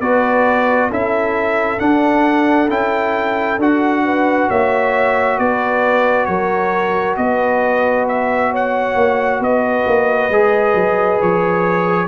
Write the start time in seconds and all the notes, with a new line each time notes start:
0.00 B3 F#4 B4 D5
0.89 C#4 E4 A4 E5
1.79 D4 F#5
2.69 C#4 E4 G5
3.58 D4 F#4 F#5
4.05 B4
4.49 A#3 C#5 E5
5.38 B3 B4 D5
6.25 F#3 A#4 C#5
7.17 B3 B4 D#5
8.08 E5
8.50 C#5 F#5
8.95 A#3
9.40 B3 B4 D#5
9.87 A#3
10.29 G#3 G#4
10.75 F#3
11.21 F3 C#5